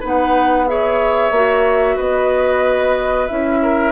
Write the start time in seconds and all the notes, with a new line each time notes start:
0.00 B3 D#4 B4 F#5
0.67 G#4 C#5 E5
1.31 A#3 F#4
1.96 B3 B4 D#5
3.27 C#4 E4 E5
3.62 A#4